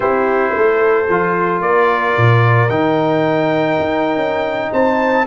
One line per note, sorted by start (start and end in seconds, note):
0.00 0.54 C4
0.00 1.06 E4
0.00 0.53 G4
0.00 1.61 C5
0.56 1.09 A3
0.56 1.64 A4
1.09 1.60 F3
1.09 2.69 F4
1.60 2.14 A#3
1.60 4.71 A#4
1.60 2.69 D5
2.17 2.69 A#2
2.69 3.77 D#3
2.69 5.26 D#4
2.69 4.72 G5
3.79 4.16 D#4
4.16 4.70 C#4
4.71 5.27 C4
4.71 5.25 C5
4.71 5.26 A5